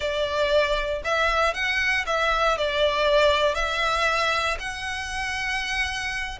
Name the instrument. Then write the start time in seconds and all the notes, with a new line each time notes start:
violin
0.00 D5
1.04 E5
1.53 F#5
2.06 E5
2.57 D5
3.55 E5
4.59 F#5